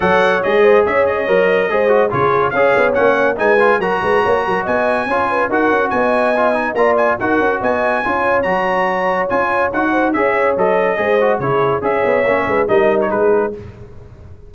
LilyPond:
<<
  \new Staff \with { instrumentName = "trumpet" } { \time 4/4 \tempo 4 = 142 fis''4 dis''4 e''8 dis''4.~ | dis''4 cis''4 f''4 fis''4 | gis''4 ais''2 gis''4~ | gis''4 fis''4 gis''2 |
ais''8 gis''8 fis''4 gis''2 | ais''2 gis''4 fis''4 | e''4 dis''2 cis''4 | e''2 dis''8. cis''16 b'4 | }
  \new Staff \with { instrumentName = "horn" } { \time 4/4 cis''4. c''8 cis''2 | c''4 gis'4 cis''2 | b'4 ais'8 b'8 cis''8 ais'8 dis''4 | cis''8 b'8 ais'4 dis''2 |
d''4 ais'4 dis''4 cis''4~ | cis''2.~ cis''8 c''8 | cis''2 c''4 gis'4 | cis''4. b'8 ais'4 gis'4 | }
  \new Staff \with { instrumentName = "trombone" } { \time 4/4 a'4 gis'2 ais'4 | gis'8 fis'8 f'4 gis'4 cis'4 | dis'8 f'8 fis'2. | f'4 fis'2 f'8 dis'8 |
f'4 fis'2 f'4 | fis'2 f'4 fis'4 | gis'4 a'4 gis'8 fis'8 e'4 | gis'4 cis'4 dis'2 | }
  \new Staff \with { instrumentName = "tuba" } { \time 4/4 fis4 gis4 cis'4 fis4 | gis4 cis4 cis'8 b8 ais4 | gis4 fis8 gis8 ais8 fis8 b4 | cis'4 dis'8 cis'8 b2 |
ais4 dis'8 cis'8 b4 cis'4 | fis2 cis'4 dis'4 | cis'4 fis4 gis4 cis4 | cis'8 b8 ais8 gis8 g4 gis4 | }
>>